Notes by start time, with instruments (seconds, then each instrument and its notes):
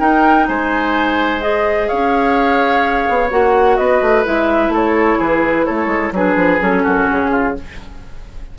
0.00 clarinet D#4, bassoon D#4, oboe A#4, flute G5
0.48 bassoon G#3, oboe C5, flute G#5
1.41 clarinet G#4, flute D#5
1.88 bassoon C#4, oboe C#5, flute F5
3.09 bassoon B3
3.31 bassoon A#3, clarinet F#4, flute F#5
3.77 bassoon B3, oboe B4, flute D#5
4.01 bassoon A3
4.25 bassoon G#3, clarinet E4, flute E5
4.69 bassoon A3, oboe A4
4.75 flute C#5
5.19 bassoon E3, oboe G#4, flute B4
5.66 bassoon A3, oboe A4, flute C#5
5.87 bassoon G#3
6.12 bassoon F#3, clarinet D4, oboe G#4, flute B4
6.36 bassoon F3
6.60 bassoon F#3, clarinet C#4, flute A4
6.84 bassoon F#2, oboe F#4
7.10 bassoon C#3, flute G#4
7.31 oboe F4